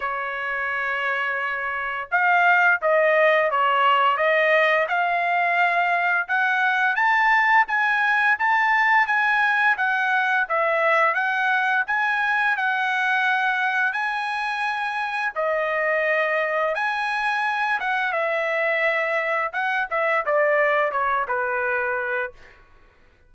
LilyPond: \new Staff \with { instrumentName = "trumpet" } { \time 4/4 \tempo 4 = 86 cis''2. f''4 | dis''4 cis''4 dis''4 f''4~ | f''4 fis''4 a''4 gis''4 | a''4 gis''4 fis''4 e''4 |
fis''4 gis''4 fis''2 | gis''2 dis''2 | gis''4. fis''8 e''2 | fis''8 e''8 d''4 cis''8 b'4. | }